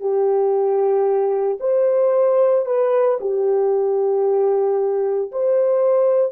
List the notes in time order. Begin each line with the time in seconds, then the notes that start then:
0.00 G4
1.61 C5
2.66 B4
3.21 G4
5.32 C5